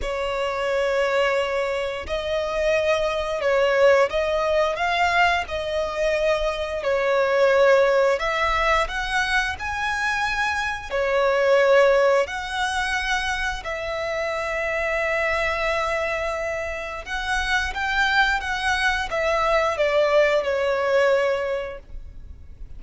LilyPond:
\new Staff \with { instrumentName = "violin" } { \time 4/4 \tempo 4 = 88 cis''2. dis''4~ | dis''4 cis''4 dis''4 f''4 | dis''2 cis''2 | e''4 fis''4 gis''2 |
cis''2 fis''2 | e''1~ | e''4 fis''4 g''4 fis''4 | e''4 d''4 cis''2 | }